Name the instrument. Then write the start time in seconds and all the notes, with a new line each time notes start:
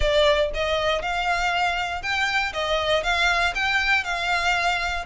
violin
0.00 D5
0.53 D#5
1.02 F5
2.02 G5
2.53 D#5
3.03 F5
3.55 G5
4.04 F5